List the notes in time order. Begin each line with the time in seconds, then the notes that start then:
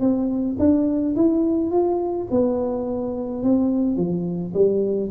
0.00 C4
0.59 D4
1.16 E4
1.71 F4
2.31 B3
3.43 C4
3.96 F3
4.54 G3